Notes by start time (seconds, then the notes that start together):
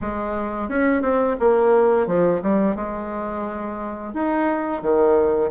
0.01 G#3
0.69 C#4
1.02 C4
1.39 A#3
2.07 F3
2.42 G3
2.75 G#3
4.13 D#4
4.82 D#3